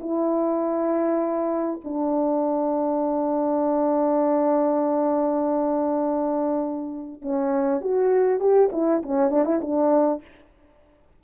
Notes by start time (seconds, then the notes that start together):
0.00 E4
1.84 D4
7.21 C#4
7.81 F#4
8.39 G4
8.72 E4
9.02 C#4
9.31 D4
9.45 E4
9.61 D4